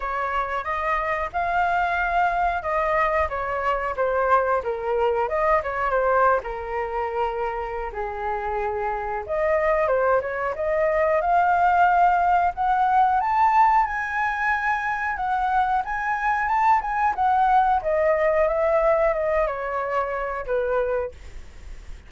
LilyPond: \new Staff \with { instrumentName = "flute" } { \time 4/4 \tempo 4 = 91 cis''4 dis''4 f''2 | dis''4 cis''4 c''4 ais'4 | dis''8 cis''8 c''8. ais'2~ ais'16 | gis'2 dis''4 c''8 cis''8 |
dis''4 f''2 fis''4 | a''4 gis''2 fis''4 | gis''4 a''8 gis''8 fis''4 dis''4 | e''4 dis''8 cis''4. b'4 | }